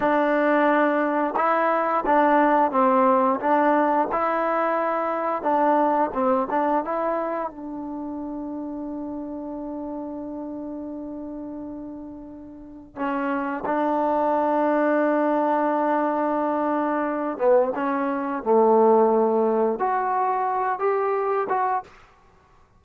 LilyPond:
\new Staff \with { instrumentName = "trombone" } { \time 4/4 \tempo 4 = 88 d'2 e'4 d'4 | c'4 d'4 e'2 | d'4 c'8 d'8 e'4 d'4~ | d'1~ |
d'2. cis'4 | d'1~ | d'4. b8 cis'4 a4~ | a4 fis'4. g'4 fis'8 | }